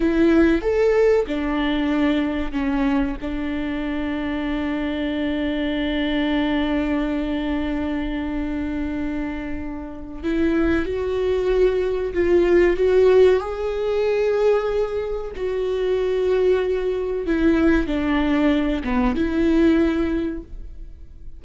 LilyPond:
\new Staff \with { instrumentName = "viola" } { \time 4/4 \tempo 4 = 94 e'4 a'4 d'2 | cis'4 d'2.~ | d'1~ | d'1 |
e'4 fis'2 f'4 | fis'4 gis'2. | fis'2. e'4 | d'4. b8 e'2 | }